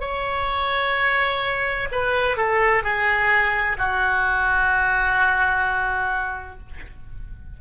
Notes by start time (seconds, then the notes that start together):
0.00 C#5
1.91 B4
2.36 A4
2.83 G#4
3.78 F#4